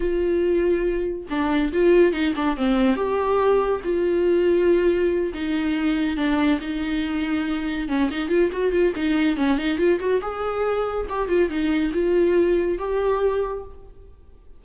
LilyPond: \new Staff \with { instrumentName = "viola" } { \time 4/4 \tempo 4 = 141 f'2. d'4 | f'4 dis'8 d'8 c'4 g'4~ | g'4 f'2.~ | f'8 dis'2 d'4 dis'8~ |
dis'2~ dis'8 cis'8 dis'8 f'8 | fis'8 f'8 dis'4 cis'8 dis'8 f'8 fis'8 | gis'2 g'8 f'8 dis'4 | f'2 g'2 | }